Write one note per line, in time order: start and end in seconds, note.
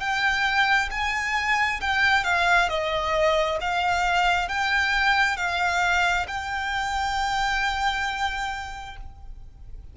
0.00 0.90 G5
0.91 1.80 G#5
1.81 2.24 G5
2.24 2.69 F5
2.69 3.59 D#5
3.61 4.49 F5
4.49 5.37 G5
5.37 6.26 F5
6.28 8.97 G5